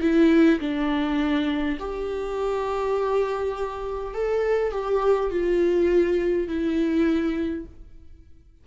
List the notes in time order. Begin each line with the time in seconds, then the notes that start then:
0.00 E4
0.60 D4
1.79 G4
4.14 A4
4.72 G4
5.30 F4
6.48 E4